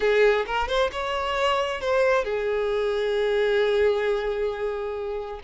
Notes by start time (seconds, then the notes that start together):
0.00 G#4
0.46 A#4
0.67 C5
0.92 C#5
1.80 C5
2.24 G#4